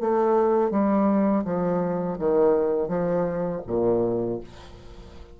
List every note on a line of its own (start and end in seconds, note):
0.00 0.71 A3
0.71 1.44 G3
1.44 2.18 F3
2.19 2.88 D#3
2.88 3.62 F3
3.67 4.40 A#2